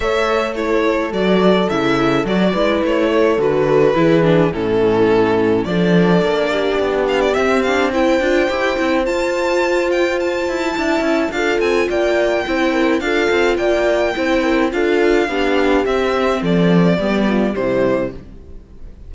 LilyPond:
<<
  \new Staff \with { instrumentName = "violin" } { \time 4/4 \tempo 4 = 106 e''4 cis''4 d''4 e''4 | d''4 cis''4 b'2 | a'2 d''2~ | d''8 f''16 d''16 e''8 f''8 g''2 |
a''4. g''8 a''2 | f''8 gis''8 g''2 f''4 | g''2 f''2 | e''4 d''2 c''4 | }
  \new Staff \with { instrumentName = "horn" } { \time 4/4 cis''4 a'2.~ | a'8 b'4 a'4. gis'4 | e'2 a'4. g'8~ | g'2 c''2~ |
c''2. e''4 | a'4 d''4 c''8 ais'8 a'4 | d''4 c''8 ais'8 a'4 g'4~ | g'4 a'4 g'8 f'8 e'4 | }
  \new Staff \with { instrumentName = "viola" } { \time 4/4 a'4 e'4 fis'4 e'4 | fis'8 e'4. fis'4 e'8 d'8 | cis'2 d'2~ | d'4 c'8 d'8 e'8 f'8 g'8 e'8 |
f'2. e'4 | f'2 e'4 f'4~ | f'4 e'4 f'4 d'4 | c'2 b4 g4 | }
  \new Staff \with { instrumentName = "cello" } { \time 4/4 a2 fis4 cis4 | fis8 gis8 a4 d4 e4 | a,2 f4 ais4 | b4 c'4. d'8 e'8 c'8 |
f'2~ f'8 e'8 d'8 cis'8 | d'8 c'8 ais4 c'4 d'8 c'8 | ais4 c'4 d'4 b4 | c'4 f4 g4 c4 | }
>>